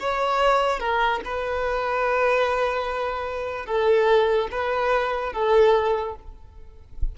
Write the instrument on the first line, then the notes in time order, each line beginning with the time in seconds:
violin
0.00 C#5
0.80 A#4
1.25 B4
3.66 A4
4.51 B4
5.33 A4